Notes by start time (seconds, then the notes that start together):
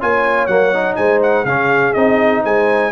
0.00 A#3 F4 C#5 G#5
0.46 F#3 A#3 F#5
0.73 D#4
0.96 G#3 C5 G#5
1.22 F#5
1.45 C#3 C#4 G#4 F5
1.93 C4 D#4 D#5
2.44 G#3 C5 G#5